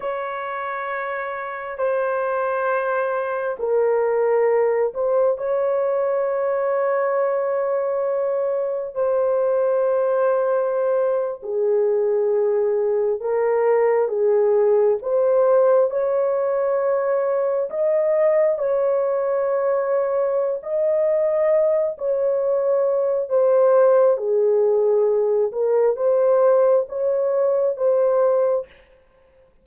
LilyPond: \new Staff \with { instrumentName = "horn" } { \time 4/4 \tempo 4 = 67 cis''2 c''2 | ais'4. c''8 cis''2~ | cis''2 c''2~ | c''8. gis'2 ais'4 gis'16~ |
gis'8. c''4 cis''2 dis''16~ | dis''8. cis''2~ cis''16 dis''4~ | dis''8 cis''4. c''4 gis'4~ | gis'8 ais'8 c''4 cis''4 c''4 | }